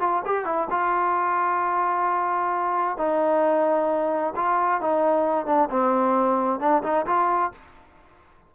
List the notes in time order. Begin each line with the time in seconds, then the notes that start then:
0.00 F4
0.25 G4
0.45 E4
0.70 F4
2.98 D#4
4.36 F4
4.81 D#4
5.46 D4
5.70 C4
6.60 D4
6.83 D#4
7.07 F4